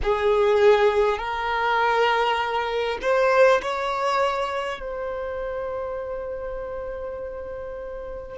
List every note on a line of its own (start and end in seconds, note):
0.02 1.18 G#4
1.18 2.98 A#4
3.01 3.61 C5
3.62 4.80 C#5
4.80 8.37 C5